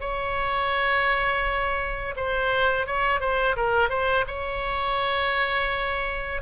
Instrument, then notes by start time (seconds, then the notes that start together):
oboe
0.00 C#5
2.16 C5
2.86 C#5
3.20 C5
3.56 A#4
3.89 C5
4.27 C#5